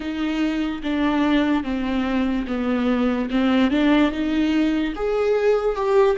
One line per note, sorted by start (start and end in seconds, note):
0.00 0.81 D#4
0.83 1.63 D4
1.63 2.45 C4
2.47 3.29 B3
3.30 3.71 C4
3.71 4.11 D4
4.11 4.93 D#4
4.95 5.75 G#4
5.75 6.16 G4